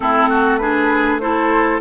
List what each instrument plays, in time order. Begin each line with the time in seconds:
0.00 bassoon A3, clarinet C4, oboe E4, flute A4
0.29 oboe F#4
0.58 clarinet D4, oboe G#4, flute B4
1.19 clarinet E4, oboe A4, flute C5